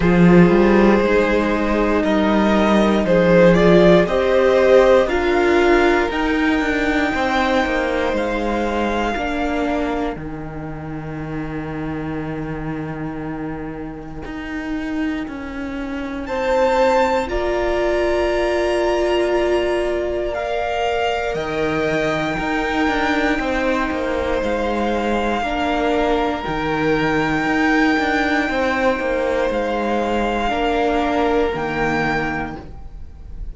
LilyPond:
<<
  \new Staff \with { instrumentName = "violin" } { \time 4/4 \tempo 4 = 59 c''2 dis''4 c''8 d''8 | dis''4 f''4 g''2 | f''2 g''2~ | g''1 |
a''4 ais''2. | f''4 g''2. | f''2 g''2~ | g''4 f''2 g''4 | }
  \new Staff \with { instrumentName = "violin" } { \time 4/4 gis'2 ais'4 gis'4 | c''4 ais'2 c''4~ | c''4 ais'2.~ | ais'1 |
c''4 d''2.~ | d''4 dis''4 ais'4 c''4~ | c''4 ais'2. | c''2 ais'2 | }
  \new Staff \with { instrumentName = "viola" } { \time 4/4 f'4 dis'2~ dis'8 f'8 | g'4 f'4 dis'2~ | dis'4 d'4 dis'2~ | dis'1~ |
dis'4 f'2. | ais'2 dis'2~ | dis'4 d'4 dis'2~ | dis'2 d'4 ais4 | }
  \new Staff \with { instrumentName = "cello" } { \time 4/4 f8 g8 gis4 g4 f4 | c'4 d'4 dis'8 d'8 c'8 ais8 | gis4 ais4 dis2~ | dis2 dis'4 cis'4 |
c'4 ais2.~ | ais4 dis4 dis'8 d'8 c'8 ais8 | gis4 ais4 dis4 dis'8 d'8 | c'8 ais8 gis4 ais4 dis4 | }
>>